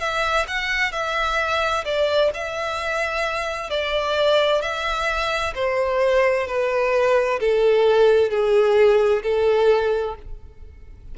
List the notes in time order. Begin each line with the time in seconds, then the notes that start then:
0.00 E5
0.48 F#5
0.92 E5
1.85 D5
2.34 E5
3.70 D5
4.62 E5
5.55 C5
6.47 B4
7.40 A4
8.30 G#4
9.23 A4